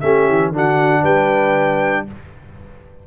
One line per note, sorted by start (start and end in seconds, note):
0.00 0.28 A3
0.00 0.53 C#4
0.00 0.54 G4
0.00 0.51 E5
0.29 0.51 E3
0.51 1.02 D3
0.51 2.07 D4
0.51 1.03 F#4
0.57 1.04 F#5
1.03 2.06 G3
1.03 2.05 B4
1.03 2.07 G5